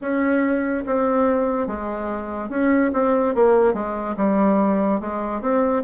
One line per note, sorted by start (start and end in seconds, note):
0.01 0.84 C#4
0.86 1.67 C4
1.67 2.49 G#3
2.49 2.91 C#4
2.93 3.34 C4
3.34 3.73 A#3
3.73 4.15 G#3
4.17 5.00 G3
5.00 5.41 G#3
5.41 5.82 C4